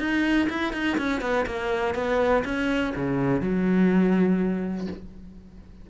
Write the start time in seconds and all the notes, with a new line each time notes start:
0.00 D#4
0.50 E4
0.74 D#4
0.98 C#4
1.22 B3
1.47 A#3
1.95 B3
2.45 C#4
2.96 C#3
3.41 F#3